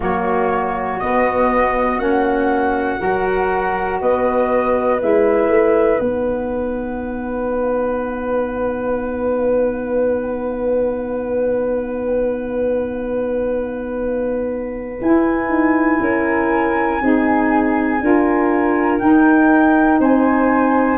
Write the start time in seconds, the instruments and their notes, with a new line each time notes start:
0.00 tuba F#3, saxophone A#3, flute F#4 C#5
0.99 tuba B3, saxophone B3, flute D#5
1.98 tuba A#3, saxophone C#4, flute F#5
2.98 tuba F#3, saxophone F#4, flute A#4
4.00 tuba B3, flute B4 D#5
4.99 tuba G#3, saxophone E4, flute E5
5.47 tuba A3
5.99 tuba B3, saxophone D#4, flute F#5
15.01 tuba E4, saxophone E4, flute G#5
15.48 tuba D#4
16.00 tuba C#4, flute A#4
17.01 tuba C4, saxophone D#4, flute G#4
18.00 tuba D4, saxophone F4, flute A#4
18.99 saxophone D#4, tuba D#4, flute G5
19.99 tuba C4, flute C5 G#5